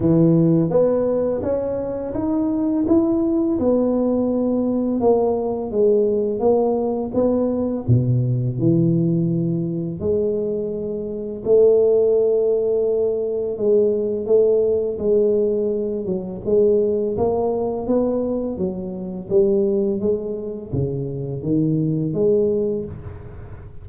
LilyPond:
\new Staff \with { instrumentName = "tuba" } { \time 4/4 \tempo 4 = 84 e4 b4 cis'4 dis'4 | e'4 b2 ais4 | gis4 ais4 b4 b,4 | e2 gis2 |
a2. gis4 | a4 gis4. fis8 gis4 | ais4 b4 fis4 g4 | gis4 cis4 dis4 gis4 | }